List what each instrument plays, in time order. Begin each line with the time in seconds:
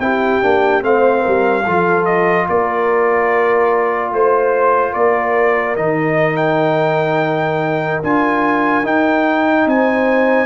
0.00 tuba C4, trombone E4, horn G4, trumpet G5
0.42 tuba A#3, trombone D4
0.82 tuba A3, trombone C4, horn C5, trumpet F5
1.22 tuba G3, horn A#4
1.65 tuba F3, trombone F4, horn A4
2.05 trumpet D#5
2.49 tuba A#3, horn A#4, trumpet D5
4.12 tuba A3, trumpet C5, horn C5
4.92 tuba A#3, horn A#4, trumpet D5
5.76 tuba D#3, trombone D#4, trumpet D#5
6.37 trumpet G5
8.04 tuba D4, trombone F4, trumpet G#5
8.84 tuba D#4, trombone D#4, trumpet G5
9.66 tuba C4, horn C5, trumpet G#5